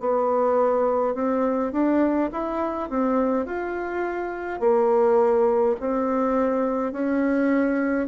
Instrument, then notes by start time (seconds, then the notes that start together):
bassoon
0.00 B3
1.14 C4
1.73 D4
2.32 E4
2.90 C4
3.46 F4
4.60 A#3
5.80 C4
6.92 C#4